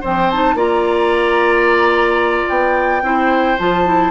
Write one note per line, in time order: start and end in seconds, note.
0.00 0.31 F3
0.00 0.54 C4
0.00 0.55 C5
0.00 0.30 G5
0.30 0.56 D#4
0.30 0.58 A5
0.54 2.45 A#3
0.54 3.02 F4
0.54 3.02 D5
0.54 2.48 A#5
2.48 3.02 B3
2.48 3.57 G5
3.02 3.56 C4
3.02 3.57 E4
3.02 4.10 C5
3.58 4.10 F3
3.58 3.85 F4
3.58 4.10 A5
3.85 4.10 E4